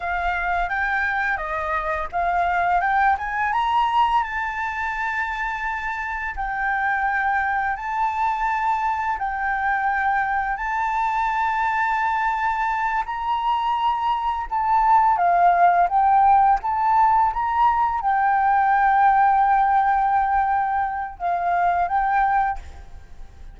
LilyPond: \new Staff \with { instrumentName = "flute" } { \time 4/4 \tempo 4 = 85 f''4 g''4 dis''4 f''4 | g''8 gis''8 ais''4 a''2~ | a''4 g''2 a''4~ | a''4 g''2 a''4~ |
a''2~ a''8 ais''4.~ | ais''8 a''4 f''4 g''4 a''8~ | a''8 ais''4 g''2~ g''8~ | g''2 f''4 g''4 | }